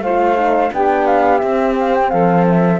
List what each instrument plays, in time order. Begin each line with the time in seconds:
0.00 cello A3, horn F4, saxophone C5, flute F5
0.36 horn D#4
0.73 cello B3, horn D4, saxophone G4, flute G5
1.07 flute F5
1.38 cello C4, horn C4, flute E5
1.80 flute F5
1.95 flute G5
2.10 cello F3, saxophone A4, flute F5
2.50 flute E5